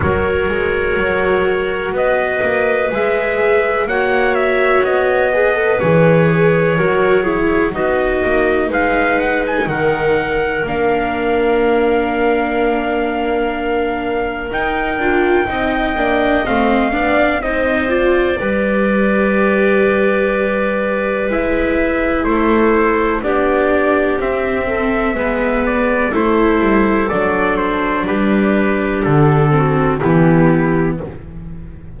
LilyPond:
<<
  \new Staff \with { instrumentName = "trumpet" } { \time 4/4 \tempo 4 = 62 cis''2 dis''4 e''4 | fis''8 e''8 dis''4 cis''2 | dis''4 f''8 fis''16 gis''16 fis''4 f''4~ | f''2. g''4~ |
g''4 f''4 dis''8 d''4.~ | d''2 e''4 c''4 | d''4 e''4. d''8 c''4 | d''8 c''8 b'4 a'4 g'4 | }
  \new Staff \with { instrumentName = "clarinet" } { \time 4/4 ais'2 b'2 | cis''4. b'4. ais'8 gis'8 | fis'4 b'4 ais'2~ | ais'1 |
dis''4. d''8 c''4 b'4~ | b'2. a'4 | g'4. a'8 b'4 a'4~ | a'4 g'4. fis'8 e'4 | }
  \new Staff \with { instrumentName = "viola" } { \time 4/4 fis'2. gis'4 | fis'4. gis'16 a'16 gis'4 fis'8 e'8 | dis'2. d'4~ | d'2. dis'8 f'8 |
dis'8 d'8 c'8 d'8 dis'8 f'8 g'4~ | g'2 e'2 | d'4 c'4 b4 e'4 | d'2~ d'8 c'8 b4 | }
  \new Staff \with { instrumentName = "double bass" } { \time 4/4 fis8 gis8 fis4 b8 ais8 gis4 | ais4 b4 e4 fis4 | b8 ais8 gis4 dis4 ais4~ | ais2. dis'8 d'8 |
c'8 ais8 a8 b8 c'4 g4~ | g2 gis4 a4 | b4 c'4 gis4 a8 g8 | fis4 g4 d4 e4 | }
>>